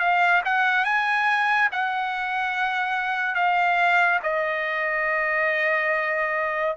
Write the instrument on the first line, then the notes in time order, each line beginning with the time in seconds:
trumpet
0.00 F5
0.45 F#5
0.85 G#5
1.72 F#5
3.35 F5
4.24 D#5